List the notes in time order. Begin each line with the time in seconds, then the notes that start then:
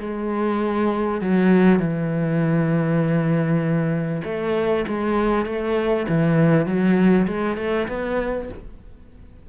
0.00 G#3
1.21 F#3
1.79 E3
4.25 A3
4.87 G#3
5.45 A3
6.08 E3
6.66 F#3
7.27 G#3
7.57 A3
7.88 B3